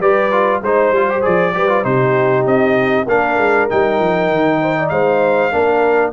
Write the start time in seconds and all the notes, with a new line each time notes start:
0.00 G3 G4 B4 D5
0.31 F4
0.61 G#3 D#4 C5
0.91 G3 F4
1.09 G4
1.22 F3 G#4 D5
1.54 G3 G4 B4
1.68 F4
1.84 C3 D#4 G4 C5
2.45 C4 D#5
3.06 A#3 D4 A#4 F5
3.38 G#3
3.70 G3 D#4 G5
4.00 F3
4.30 D#3
4.61 C5
4.78 D5
4.89 G#3 C5 F5
5.51 A#3 D4 A#4